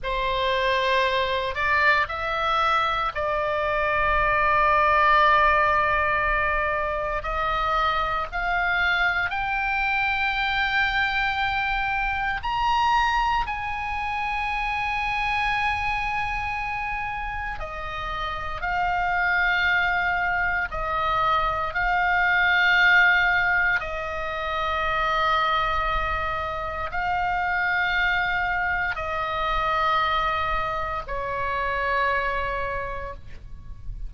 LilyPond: \new Staff \with { instrumentName = "oboe" } { \time 4/4 \tempo 4 = 58 c''4. d''8 e''4 d''4~ | d''2. dis''4 | f''4 g''2. | ais''4 gis''2.~ |
gis''4 dis''4 f''2 | dis''4 f''2 dis''4~ | dis''2 f''2 | dis''2 cis''2 | }